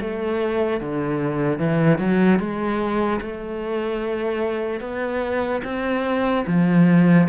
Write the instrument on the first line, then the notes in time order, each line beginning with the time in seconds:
cello
0.00 A3
0.80 D3
1.58 E3
1.98 F#3
2.39 G#3
3.21 A3
4.80 B3
5.64 C4
6.46 F3